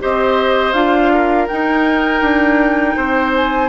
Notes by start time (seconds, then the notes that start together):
0.00 C4 G4 C5 D#5
0.73 D4 F4 F5
1.14 A#4
1.48 D#4 G5
2.21 D4
2.96 C4 C5
3.36 G#5